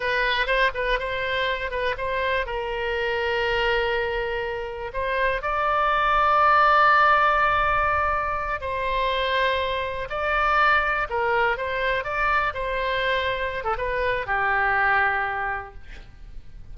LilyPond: \new Staff \with { instrumentName = "oboe" } { \time 4/4 \tempo 4 = 122 b'4 c''8 b'8 c''4. b'8 | c''4 ais'2.~ | ais'2 c''4 d''4~ | d''1~ |
d''4. c''2~ c''8~ | c''8 d''2 ais'4 c''8~ | c''8 d''4 c''2~ c''16 a'16 | b'4 g'2. | }